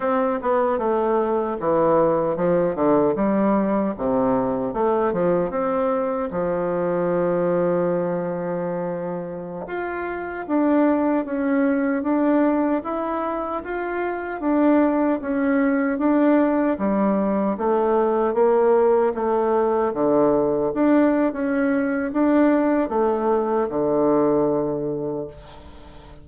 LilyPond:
\new Staff \with { instrumentName = "bassoon" } { \time 4/4 \tempo 4 = 76 c'8 b8 a4 e4 f8 d8 | g4 c4 a8 f8 c'4 | f1~ | f16 f'4 d'4 cis'4 d'8.~ |
d'16 e'4 f'4 d'4 cis'8.~ | cis'16 d'4 g4 a4 ais8.~ | ais16 a4 d4 d'8. cis'4 | d'4 a4 d2 | }